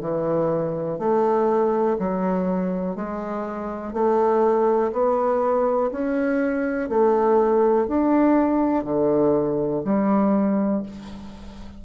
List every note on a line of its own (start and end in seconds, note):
0.00 0.98 E3
0.98 1.97 A3
1.99 2.95 F#3
2.95 3.93 G#3
3.93 4.91 A3
4.92 5.90 B3
5.91 6.89 C#4
6.89 7.87 A3
7.87 8.84 D4
8.84 9.82 D3
9.84 10.82 G3